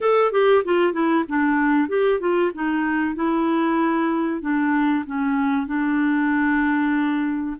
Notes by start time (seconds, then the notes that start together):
0.01 A4
0.32 G4
0.64 F4
0.92 E4
1.28 D4
1.88 G4
2.20 F4
2.54 D#4
3.15 E4
4.41 D4
5.06 C#4
5.67 D4